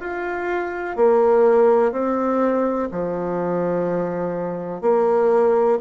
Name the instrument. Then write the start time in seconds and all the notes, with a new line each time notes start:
bassoon
0.00 F4
0.96 A#3
1.92 C4
2.92 F3
4.82 A#3